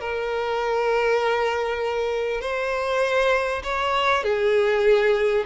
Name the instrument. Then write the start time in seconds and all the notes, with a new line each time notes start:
violin
0.00 A#4
2.41 C5
3.63 C#5
4.23 G#4